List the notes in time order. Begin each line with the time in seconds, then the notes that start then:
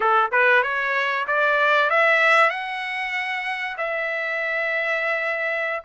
0.00 A4
0.31 B4
0.63 C#5
1.27 D5
1.89 E5
2.49 F#5
3.77 E5